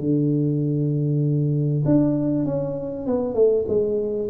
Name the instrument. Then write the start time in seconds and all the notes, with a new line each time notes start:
tuba
0.00 D3
1.86 D4
2.46 C#4
3.07 B3
3.35 A3
3.68 G#3